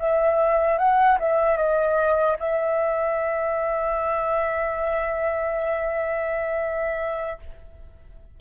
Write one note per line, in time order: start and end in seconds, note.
0.00 0.79 E5
0.79 1.19 F#5
1.20 1.57 E5
1.57 2.37 D#5
2.40 7.40 E5